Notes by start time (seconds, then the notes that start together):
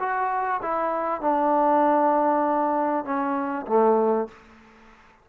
0.00 F#4
0.62 E4
1.21 D4
3.05 C#4
3.67 A3